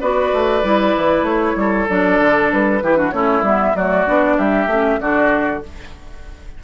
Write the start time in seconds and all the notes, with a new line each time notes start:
0.00 B3 F#4 B4 D5
0.33 A3
0.63 G3 E4
0.96 E3
1.22 A3 C#5
1.55 G3 A4
1.88 F#3 D4 D5
2.19 D3
2.52 G3 B4
2.82 E3 E4 G4
2.96 D4 F#4
3.11 A3 C#4 E4 C#5
3.41 G3 B3 E5
3.75 F#3 A3 F#4 D5
4.06 B3 D4
4.37 G3 G4 E5
4.66 A3 C#4
5.00 D3 D4 F#4 D5